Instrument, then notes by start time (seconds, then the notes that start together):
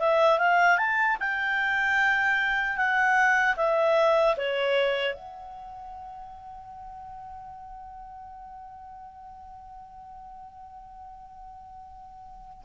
clarinet
0.00 E5
0.39 F5
0.78 A5
1.20 G5
2.77 F#5
3.56 E5
4.37 C#5
5.14 F#5